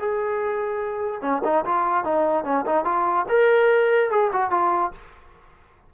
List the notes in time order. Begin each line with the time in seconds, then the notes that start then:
0.00 G#4
1.22 C#4
1.45 D#4
1.66 F4
2.05 D#4
2.45 C#4
2.66 D#4
2.85 F4
3.29 A#4
4.11 G#4
4.33 F#4
4.51 F4